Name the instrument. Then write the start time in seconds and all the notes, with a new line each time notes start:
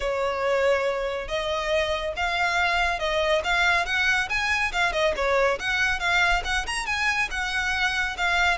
violin
0.00 C#5
1.28 D#5
2.16 F5
2.99 D#5
3.43 F5
3.85 F#5
4.29 G#5
4.72 F5
4.92 D#5
5.16 C#5
5.59 F#5
5.99 F5
6.44 F#5
6.66 A#5
6.86 G#5
7.31 F#5
8.17 F5